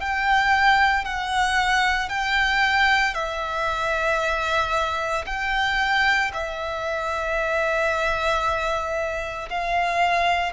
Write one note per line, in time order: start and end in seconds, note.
0.00 1.04 G5
1.04 2.09 F#5
2.09 3.14 G5
3.14 5.24 E5
5.26 6.31 G5
6.33 9.49 E5
9.49 10.52 F5